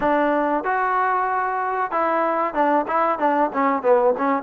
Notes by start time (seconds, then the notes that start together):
0.00 D4
0.64 F#4
1.91 E4
2.54 D4
2.87 E4
3.18 D4
3.53 C#4
3.82 B3
4.17 C#4